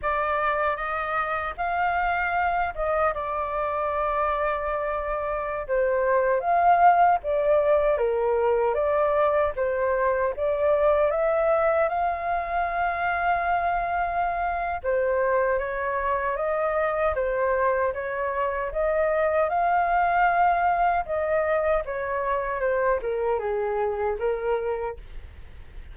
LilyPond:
\new Staff \with { instrumentName = "flute" } { \time 4/4 \tempo 4 = 77 d''4 dis''4 f''4. dis''8 | d''2.~ d''16 c''8.~ | c''16 f''4 d''4 ais'4 d''8.~ | d''16 c''4 d''4 e''4 f''8.~ |
f''2. c''4 | cis''4 dis''4 c''4 cis''4 | dis''4 f''2 dis''4 | cis''4 c''8 ais'8 gis'4 ais'4 | }